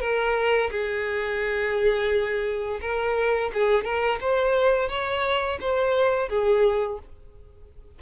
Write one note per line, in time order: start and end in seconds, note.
0.00 0.70 A#4
0.71 2.80 G#4
2.81 3.50 A#4
3.54 3.84 G#4
3.84 4.19 A#4
4.21 4.89 C5
4.89 5.58 C#5
5.60 6.29 C5
6.29 6.99 G#4